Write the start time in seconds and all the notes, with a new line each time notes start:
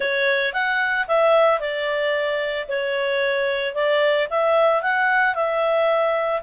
0.00 C#5
0.53 F#5
1.07 E5
1.59 D5
2.68 C#5
3.74 D5
4.30 E5
4.82 F#5
5.34 E5